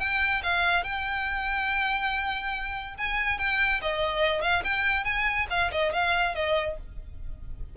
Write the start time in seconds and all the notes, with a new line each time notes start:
0.00 G5
0.43 F5
0.84 G5
2.98 G#5
3.39 G5
3.82 D#5
4.42 F5
4.64 G5
5.05 G#5
5.50 F5
5.72 D#5
5.93 F5
6.35 D#5